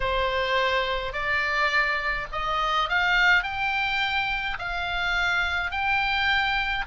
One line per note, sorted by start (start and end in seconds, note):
0.00 1.12 C5
1.12 2.27 D5
2.32 2.89 D#5
2.89 3.43 F5
3.43 4.57 G5
4.59 5.71 F5
5.71 6.85 G5